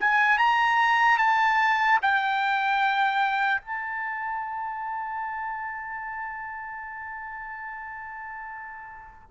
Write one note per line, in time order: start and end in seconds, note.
0.00 0.38 G#5
0.38 1.18 A#5
1.18 1.99 A5
2.02 3.61 G5
3.61 9.29 A5